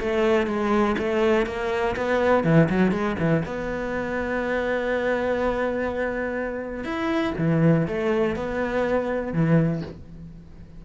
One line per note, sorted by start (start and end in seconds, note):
0.00 0.46 A3
0.46 0.96 G#3
0.98 1.46 A3
1.46 1.96 A#3
1.96 2.44 B3
2.44 2.68 E3
2.69 2.91 F#3
2.91 3.16 G#3
3.19 3.44 E3
3.46 6.84 B3
6.84 7.33 E4
7.38 7.87 E3
7.88 8.36 A3
8.36 9.33 B3
9.33 9.82 E3